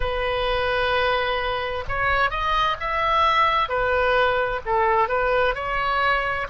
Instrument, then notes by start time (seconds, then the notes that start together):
oboe
0.00 B4
1.88 C#5
2.30 D#5
2.79 E5
3.68 B4
4.65 A4
5.08 B4
5.54 C#5